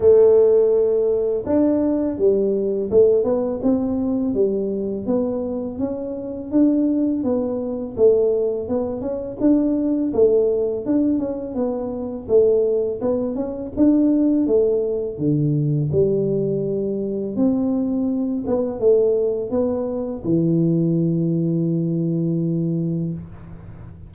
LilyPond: \new Staff \with { instrumentName = "tuba" } { \time 4/4 \tempo 4 = 83 a2 d'4 g4 | a8 b8 c'4 g4 b4 | cis'4 d'4 b4 a4 | b8 cis'8 d'4 a4 d'8 cis'8 |
b4 a4 b8 cis'8 d'4 | a4 d4 g2 | c'4. b8 a4 b4 | e1 | }